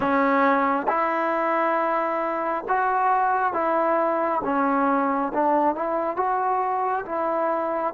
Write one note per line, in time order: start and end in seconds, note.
0.00 0.87 C#4
0.88 2.64 E4
2.68 3.53 F#4
3.53 4.41 E4
4.44 5.32 C#4
5.33 5.75 D4
5.75 6.16 E4
6.16 7.04 F#4
7.05 7.94 E4